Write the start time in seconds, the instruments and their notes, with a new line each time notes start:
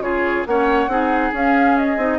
0.00 bassoon C#3, clarinet F4, oboe G#4, flute C#5
0.46 bassoon A#3, clarinet C#4, oboe C#5, flute F#5
0.87 bassoon C4, clarinet D#4, oboe G#4
1.33 bassoon C#4, clarinet C#4, flute F5
1.78 flute D#5
1.97 bassoon C4, clarinet D#4